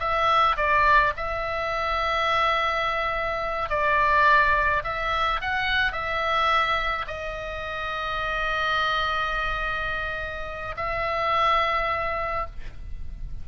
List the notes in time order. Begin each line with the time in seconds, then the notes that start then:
0.00 E5
0.57 D5
1.17 E5
3.70 D5
4.84 E5
5.41 F#5
5.93 E5
7.08 D#5
10.77 E5